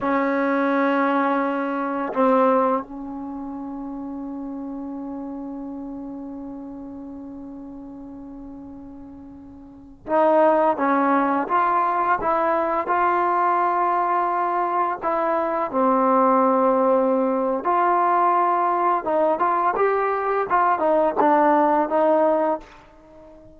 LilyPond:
\new Staff \with { instrumentName = "trombone" } { \time 4/4 \tempo 4 = 85 cis'2. c'4 | cis'1~ | cis'1~ | cis'2~ cis'16 dis'4 cis'8.~ |
cis'16 f'4 e'4 f'4.~ f'16~ | f'4~ f'16 e'4 c'4.~ c'16~ | c'4 f'2 dis'8 f'8 | g'4 f'8 dis'8 d'4 dis'4 | }